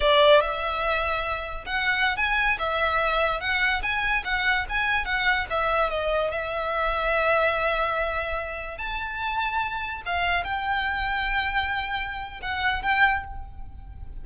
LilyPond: \new Staff \with { instrumentName = "violin" } { \time 4/4 \tempo 4 = 145 d''4 e''2. | fis''4~ fis''16 gis''4 e''4.~ e''16~ | e''16 fis''4 gis''4 fis''4 gis''8.~ | gis''16 fis''4 e''4 dis''4 e''8.~ |
e''1~ | e''4~ e''16 a''2~ a''8.~ | a''16 f''4 g''2~ g''8.~ | g''2 fis''4 g''4 | }